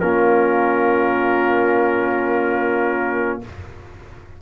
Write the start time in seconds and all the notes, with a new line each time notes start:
0.00 A#3 C#4 F4 A#4